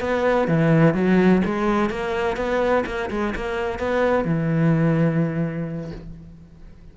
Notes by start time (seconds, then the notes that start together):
0.00 B3
0.47 E3
0.94 F#3
1.45 G#3
1.89 A#3
2.36 B3
2.85 A#3
3.10 G#3
3.35 A#3
3.78 B3
4.24 E3